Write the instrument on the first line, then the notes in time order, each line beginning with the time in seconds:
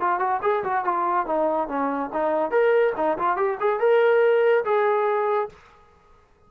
trombone
0.00 F4
0.19 F#4
0.42 G#4
0.63 F#4
0.84 F4
1.26 D#4
1.68 C#4
2.13 D#4
2.50 A#4
2.96 D#4
3.18 F4
3.36 G4
3.60 G#4
3.79 A#4
4.64 G#4